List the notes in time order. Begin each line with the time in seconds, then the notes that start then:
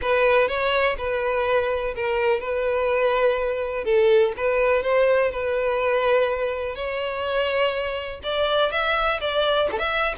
0.01 B4
0.48 C#5
0.97 B4
1.95 A#4
2.40 B4
3.84 A4
4.36 B4
4.82 C5
5.31 B4
6.75 C#5
8.23 D5
8.71 E5
9.20 D5
9.71 A4
9.78 E5